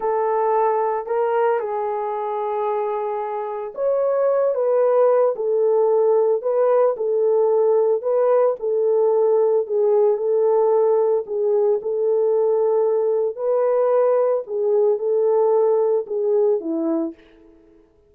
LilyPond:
\new Staff \with { instrumentName = "horn" } { \time 4/4 \tempo 4 = 112 a'2 ais'4 gis'4~ | gis'2. cis''4~ | cis''8 b'4. a'2 | b'4 a'2 b'4 |
a'2 gis'4 a'4~ | a'4 gis'4 a'2~ | a'4 b'2 gis'4 | a'2 gis'4 e'4 | }